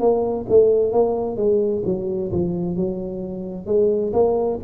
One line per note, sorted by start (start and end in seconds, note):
0.00 0.46 A#3
0.49 0.93 A3
0.93 1.37 A#3
1.37 1.83 G#3
1.85 2.32 F#3
2.32 2.77 F3
2.77 3.67 F#3
3.67 4.13 G#3
4.13 4.59 A#3